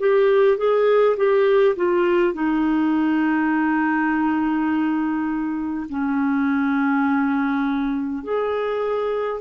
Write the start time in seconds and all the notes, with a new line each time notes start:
0.00 G4
0.58 G#4
1.17 G4
1.76 F4
2.34 D#4
5.89 C#4
8.24 G#4